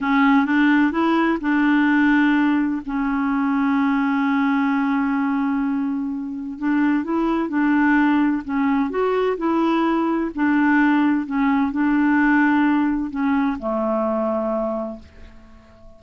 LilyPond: \new Staff \with { instrumentName = "clarinet" } { \time 4/4 \tempo 4 = 128 cis'4 d'4 e'4 d'4~ | d'2 cis'2~ | cis'1~ | cis'2 d'4 e'4 |
d'2 cis'4 fis'4 | e'2 d'2 | cis'4 d'2. | cis'4 a2. | }